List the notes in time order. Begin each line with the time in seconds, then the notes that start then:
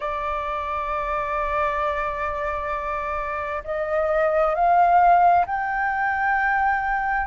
0.00 D5
3.64 D#5
4.55 F5
5.45 G5